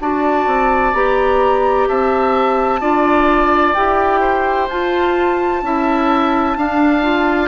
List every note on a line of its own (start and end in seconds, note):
0.00 0.46 D4
0.00 0.94 F#4
0.00 1.88 D5
0.00 0.94 A5
0.46 0.93 C4
0.93 1.87 B3
0.93 2.81 G4
0.93 1.88 A#5
1.88 2.81 C4
1.88 2.80 E5
1.88 3.74 A5
2.80 3.75 D4
2.80 3.74 F4
2.80 4.21 D5
3.74 4.69 E4
3.74 4.69 G4
3.74 4.68 G5
4.21 5.61 C5
4.69 5.62 F4
4.69 5.64 F4
4.69 7.47 A5
5.62 6.56 C#4
5.62 6.56 E4
5.62 6.58 E5
6.56 7.02 D4
6.56 7.47 D4
6.56 7.47 F5
7.02 7.47 F4